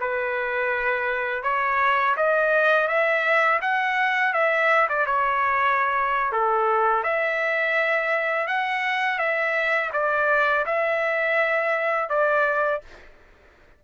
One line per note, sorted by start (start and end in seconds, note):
0.00 1.43 B4
1.43 2.15 C#5
2.17 2.88 D#5
2.88 3.60 E5
3.61 4.33 F#5
4.33 4.87 E5
4.89 5.06 D5
5.06 6.32 C#5
6.32 7.04 A4
7.04 8.47 E5
8.47 9.18 F#5
9.18 9.91 E5
9.93 10.65 D5
10.66 12.09 E5
12.09 12.81 D5